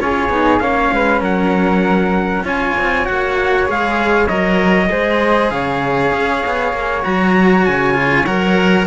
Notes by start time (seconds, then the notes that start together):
0.00 C#4 F4 G#4 C#5
0.29 B3 D#4
0.59 A#3 C#4 C#5 F5
0.92 G#3 B4
1.21 F#3 A#4 F#5
2.42 C#4 F4 C#5 G#5
2.78 C4
3.05 A#3 F#4 F#5
3.66 G#3 G#4 F5
4.27 F#3 A#4 D#5
4.89 G#3 G#4 C5
5.49 C#3 C#5 F5
6.12 C#4
6.46 B3
6.73 A#3
7.02 F#3 F#4 A#5
7.65 C#3 G#5
7.94 F4
8.26 F#3 A#4 F#5